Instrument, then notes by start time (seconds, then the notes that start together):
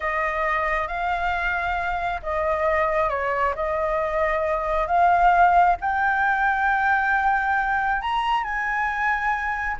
flute
0.00 D#5
0.87 F5
2.22 D#5
3.09 C#5
3.55 D#5
4.87 F5
5.80 G5
8.01 A#5
8.43 G#5